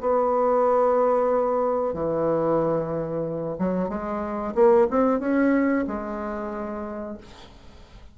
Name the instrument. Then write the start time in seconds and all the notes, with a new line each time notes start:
bassoon
0.00 B3
1.93 E3
3.58 F#3
3.89 G#3
4.54 A#3
4.90 C4
5.20 C#4
5.87 G#3